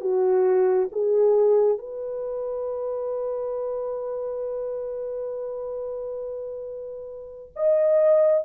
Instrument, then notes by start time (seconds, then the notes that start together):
horn
0.00 F#4
0.91 G#4
1.78 B4
7.56 D#5